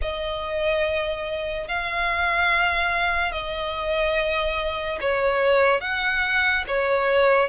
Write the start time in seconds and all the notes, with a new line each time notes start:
0.01 D#5
1.68 F5
3.32 D#5
5.00 C#5
5.81 F#5
6.67 C#5